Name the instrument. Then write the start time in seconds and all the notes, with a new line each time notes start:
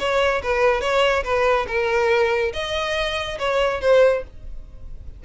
violin
0.00 C#5
0.43 B4
0.81 C#5
1.24 B4
1.68 A#4
2.53 D#5
3.39 C#5
3.81 C5